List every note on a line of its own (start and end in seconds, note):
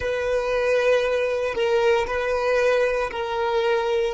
0.00 1.54 B4
1.54 2.06 A#4
2.06 3.10 B4
3.10 4.14 A#4